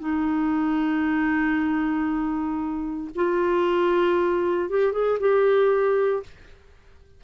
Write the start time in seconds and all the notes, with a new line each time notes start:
0.00 D#4
3.16 F4
4.70 G4
4.93 G#4
5.20 G4